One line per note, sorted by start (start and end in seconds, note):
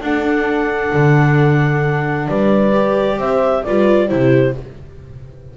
0.00 0.91 D4
0.00 2.73 D4
0.00 2.28 A4
0.00 2.28 F#5
0.93 2.28 D3
2.28 3.18 G3
2.28 3.18 B4
2.28 3.19 D5
2.73 3.64 G4
3.18 3.63 C4
3.18 3.64 C5
3.18 3.63 E5
3.63 4.11 G3
3.63 4.09 F4
3.63 4.09 B4
3.63 4.08 D5
4.08 4.57 C3
4.08 4.54 E4
4.08 4.56 G4
4.08 4.53 C5